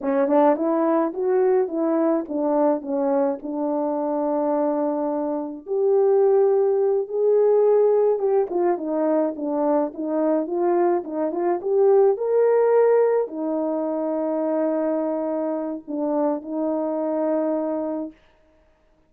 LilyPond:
\new Staff \with { instrumentName = "horn" } { \time 4/4 \tempo 4 = 106 cis'8 d'8 e'4 fis'4 e'4 | d'4 cis'4 d'2~ | d'2 g'2~ | g'8 gis'2 g'8 f'8 dis'8~ |
dis'8 d'4 dis'4 f'4 dis'8 | f'8 g'4 ais'2 dis'8~ | dis'1 | d'4 dis'2. | }